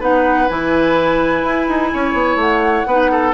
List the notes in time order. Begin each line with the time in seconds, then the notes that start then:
0.00 B3 D#4 B4 F#5
0.48 E3 E4 G#5
1.43 E4
1.69 D#4
1.93 C#4 C#5
2.13 B3
2.36 A3 F#5
2.87 B3 D#4 B4
3.11 A4